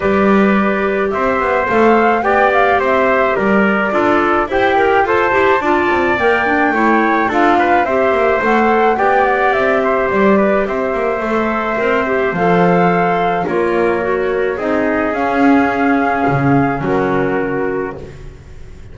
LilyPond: <<
  \new Staff \with { instrumentName = "flute" } { \time 4/4 \tempo 4 = 107 d''2 e''4 f''4 | g''8 f''8 e''4 d''2 | g''4 a''2 g''4~ | g''4 f''4 e''4 fis''4 |
g''8 fis''8 e''4 d''4 e''4~ | e''2 f''2 | cis''2 dis''4 f''4~ | f''2 ais'2 | }
  \new Staff \with { instrumentName = "trumpet" } { \time 4/4 b'2 c''2 | d''4 c''4 ais'4 a'4 | g'4 c''4 d''2 | cis''4 a'8 b'8 c''2 |
d''4. c''4 b'8 c''4~ | c''1 | ais'2 gis'2~ | gis'2 fis'2 | }
  \new Staff \with { instrumentName = "clarinet" } { \time 4/4 g'2. a'4 | g'2. f'4 | c''8 ais'8 a'8 g'8 f'4 ais'8 d'8 | e'4 f'4 g'4 a'4 |
g'1 | a'4 ais'8 g'8 a'2 | f'4 fis'4 dis'4 cis'4~ | cis'1 | }
  \new Staff \with { instrumentName = "double bass" } { \time 4/4 g2 c'8 b8 a4 | b4 c'4 g4 d'4 | e'4 f'8 e'8 d'8 c'8 ais4 | a4 d'4 c'8 ais8 a4 |
b4 c'4 g4 c'8 ais8 | a4 c'4 f2 | ais2 c'4 cis'4~ | cis'4 cis4 fis2 | }
>>